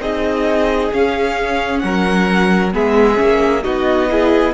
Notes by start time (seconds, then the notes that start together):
0.00 C4 D#4 G#4 D#5
0.92 C#4 F5
1.79 F#3 A#4 F#5
2.72 G#3 B3 G#4 E5
3.16 A#3 C#4
3.63 B3 D#4 F#4 D#5
4.09 E4 G#4